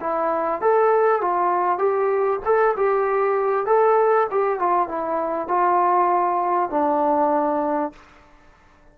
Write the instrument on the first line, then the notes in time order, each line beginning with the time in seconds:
trombone
0.00 E4
0.61 A4
1.21 F4
1.78 G4
2.45 A4
2.76 G4
3.66 A4
4.31 G4
4.59 F4
4.88 E4
5.48 F4
6.70 D4